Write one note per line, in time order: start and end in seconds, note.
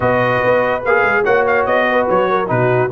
0.00 0.42 B2
0.00 0.81 F#4
0.00 1.23 B4
0.00 0.83 D#5
0.43 0.85 B3
0.84 1.02 A#3
0.84 1.24 G#4
0.84 1.24 F5
1.02 1.23 G#3
1.23 1.66 A#3
1.23 2.47 F#4
1.23 1.85 C#5
1.23 1.45 F#5
1.46 1.65 F5
1.65 2.07 B3
1.65 2.07 D#5
1.89 2.30 B4
2.09 2.50 F#3
2.09 2.49 C#5
2.30 2.50 A#4
2.47 2.91 B2
2.47 2.88 D#4
2.47 2.91 F#4
2.47 2.91 B4